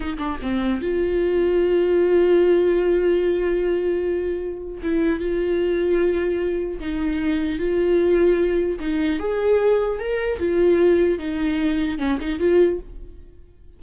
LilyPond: \new Staff \with { instrumentName = "viola" } { \time 4/4 \tempo 4 = 150 dis'8 d'8 c'4 f'2~ | f'1~ | f'1 | e'4 f'2.~ |
f'4 dis'2 f'4~ | f'2 dis'4 gis'4~ | gis'4 ais'4 f'2 | dis'2 cis'8 dis'8 f'4 | }